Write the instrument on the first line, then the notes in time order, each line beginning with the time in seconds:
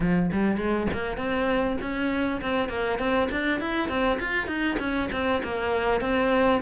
cello
0.00 F3
0.31 G3
0.57 G#3
0.93 A#3
1.17 C4
1.81 C#4
2.41 C4
2.68 A#3
2.98 C4
3.31 D4
3.60 E4
3.88 C4
4.19 F4
4.47 D#4
4.79 C#4
5.12 C4
5.43 A#3
6.00 C4